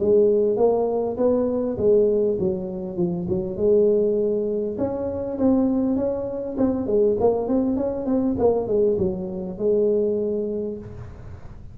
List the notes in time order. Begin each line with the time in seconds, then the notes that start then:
0.00 G#3
0.56 A#3
1.17 B3
1.78 G#3
2.39 F#3
2.97 F3
3.29 F#3
3.56 G#3
4.78 C#4
5.38 C4
5.96 C#4
6.58 C4
6.87 G#3
7.21 A#3
7.48 C4
7.77 C#4
8.06 C4
8.39 A#3
8.68 G#3
8.98 F#3
9.59 G#3